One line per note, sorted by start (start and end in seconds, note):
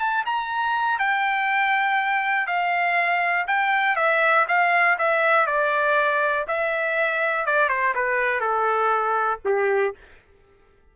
0.00 0.25 A5
0.26 0.99 A#5
0.99 2.47 G5
2.47 3.46 F5
3.48 3.96 G5
3.96 4.46 E5
4.48 4.98 F5
4.99 5.47 E5
5.47 6.46 D5
6.48 7.47 E5
7.47 7.69 D5
7.69 7.94 C5
7.95 8.41 B4
8.41 9.40 A4
9.45 9.95 G4